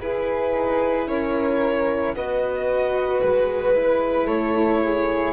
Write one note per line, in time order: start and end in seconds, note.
0.00 0.54 E4
0.00 2.15 E4
0.00 1.08 G#4
0.00 1.08 B4
0.54 1.06 D#4
1.06 2.13 C#4
1.06 2.15 A#4
1.06 2.15 C#5
2.13 3.20 B3
2.13 3.75 F#4
2.13 4.26 B4
2.13 3.21 D#5
3.21 4.27 G#3
3.21 4.27 B4
3.75 5.33 E4
4.26 5.33 A3
4.26 4.80 A4
4.26 5.33 C#5
4.82 5.33 G#4